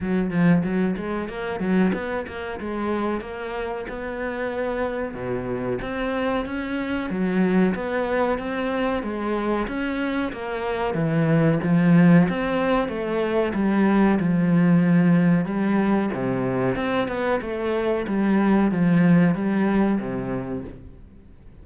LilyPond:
\new Staff \with { instrumentName = "cello" } { \time 4/4 \tempo 4 = 93 fis8 f8 fis8 gis8 ais8 fis8 b8 ais8 | gis4 ais4 b2 | b,4 c'4 cis'4 fis4 | b4 c'4 gis4 cis'4 |
ais4 e4 f4 c'4 | a4 g4 f2 | g4 c4 c'8 b8 a4 | g4 f4 g4 c4 | }